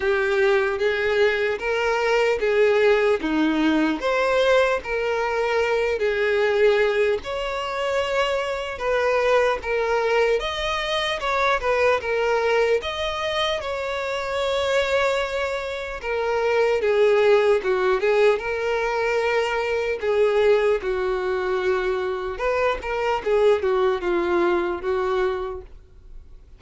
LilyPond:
\new Staff \with { instrumentName = "violin" } { \time 4/4 \tempo 4 = 75 g'4 gis'4 ais'4 gis'4 | dis'4 c''4 ais'4. gis'8~ | gis'4 cis''2 b'4 | ais'4 dis''4 cis''8 b'8 ais'4 |
dis''4 cis''2. | ais'4 gis'4 fis'8 gis'8 ais'4~ | ais'4 gis'4 fis'2 | b'8 ais'8 gis'8 fis'8 f'4 fis'4 | }